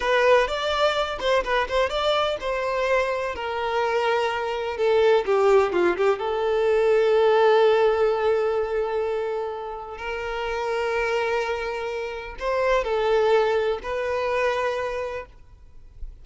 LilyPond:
\new Staff \with { instrumentName = "violin" } { \time 4/4 \tempo 4 = 126 b'4 d''4. c''8 b'8 c''8 | d''4 c''2 ais'4~ | ais'2 a'4 g'4 | f'8 g'8 a'2.~ |
a'1~ | a'4 ais'2.~ | ais'2 c''4 a'4~ | a'4 b'2. | }